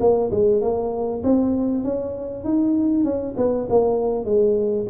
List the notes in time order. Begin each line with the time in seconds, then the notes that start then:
0.00 A#3
0.31 G#3
0.61 A#3
1.23 C4
1.84 C#4
2.44 D#4
3.04 C#4
3.37 B3
3.70 A#3
4.25 G#3